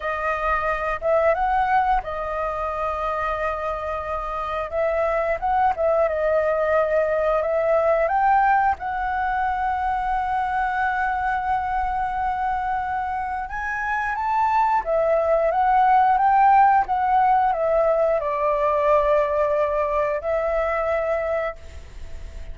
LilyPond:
\new Staff \with { instrumentName = "flute" } { \time 4/4 \tempo 4 = 89 dis''4. e''8 fis''4 dis''4~ | dis''2. e''4 | fis''8 e''8 dis''2 e''4 | g''4 fis''2.~ |
fis''1 | gis''4 a''4 e''4 fis''4 | g''4 fis''4 e''4 d''4~ | d''2 e''2 | }